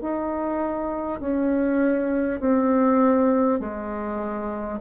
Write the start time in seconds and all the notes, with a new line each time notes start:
0.00 D#4
1.19 C#4
2.39 C4
3.59 G#3